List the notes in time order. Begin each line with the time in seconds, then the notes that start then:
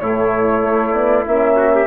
0.00 A2 A3 E4 C#5
0.64 A3
0.93 B3 D5
1.26 A#3 C#4 E5
1.56 F#4
1.75 G4